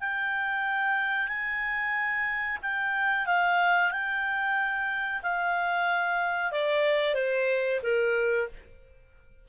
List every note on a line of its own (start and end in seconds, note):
0.00 1.27 G5
1.27 2.58 G#5
2.62 3.26 G5
3.26 3.91 F5
3.91 5.22 G5
5.22 6.52 F5
6.52 7.14 D5
7.14 7.80 C5
7.83 8.48 A#4